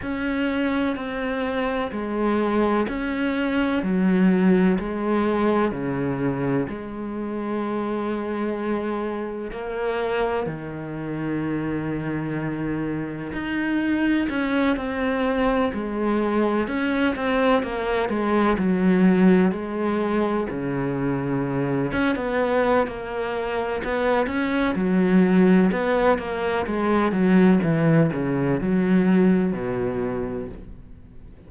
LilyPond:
\new Staff \with { instrumentName = "cello" } { \time 4/4 \tempo 4 = 63 cis'4 c'4 gis4 cis'4 | fis4 gis4 cis4 gis4~ | gis2 ais4 dis4~ | dis2 dis'4 cis'8 c'8~ |
c'8 gis4 cis'8 c'8 ais8 gis8 fis8~ | fis8 gis4 cis4. cis'16 b8. | ais4 b8 cis'8 fis4 b8 ais8 | gis8 fis8 e8 cis8 fis4 b,4 | }